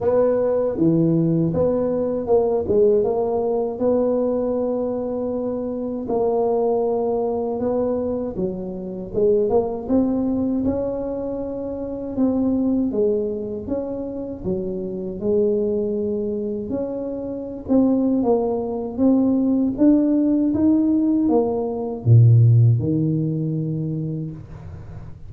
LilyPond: \new Staff \with { instrumentName = "tuba" } { \time 4/4 \tempo 4 = 79 b4 e4 b4 ais8 gis8 | ais4 b2. | ais2 b4 fis4 | gis8 ais8 c'4 cis'2 |
c'4 gis4 cis'4 fis4 | gis2 cis'4~ cis'16 c'8. | ais4 c'4 d'4 dis'4 | ais4 ais,4 dis2 | }